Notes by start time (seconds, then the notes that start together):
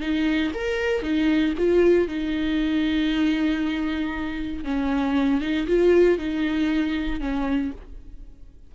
0.00 D#4
0.54 A#4
1.02 D#4
1.58 F4
2.07 D#4
4.64 C#4
5.41 D#4
5.67 F4
6.18 D#4
7.20 C#4